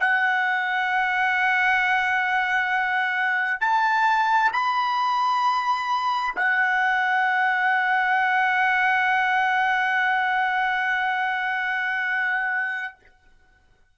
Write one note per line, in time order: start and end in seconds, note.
0.00 3.61 F#5
3.61 4.52 A5
4.53 6.35 B5
6.36 12.95 F#5